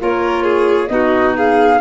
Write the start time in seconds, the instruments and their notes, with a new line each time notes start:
0.00 tuba A#3, clarinet F4, violin A#4, flute C#5
0.44 violin G#4
0.88 tuba B3, clarinet D#4, violin F#4, flute D#5
1.37 violin G#4, flute F5